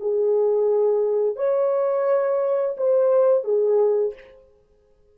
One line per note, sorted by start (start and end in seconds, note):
0.00 1.36 G#4
1.36 2.75 C#5
2.77 3.44 C5
3.44 4.14 G#4